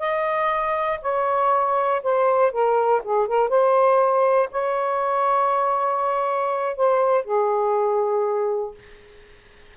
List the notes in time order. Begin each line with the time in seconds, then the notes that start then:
0.00 D#5
1.02 C#5
2.03 C5
2.52 A#4
3.04 G#4
3.28 A#4
3.50 C5
4.52 C#5
6.77 C5
7.25 G#4